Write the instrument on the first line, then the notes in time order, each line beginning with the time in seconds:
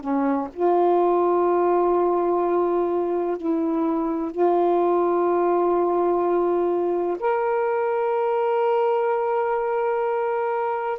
saxophone
0.00 C#4
0.53 F4
3.37 E4
4.31 F4
7.19 A#4